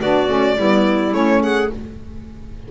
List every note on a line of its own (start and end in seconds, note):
0.00 0.29 B3
0.00 0.28 D4
0.00 0.57 F#4
0.00 1.14 D5
0.28 0.57 A3
0.28 0.57 C#4
0.57 1.13 G3
0.57 1.12 B3
0.57 1.42 E4
1.12 1.71 A3
1.12 1.69 C#4
1.12 1.43 C#5
1.42 1.71 G#4
1.42 1.72 F#5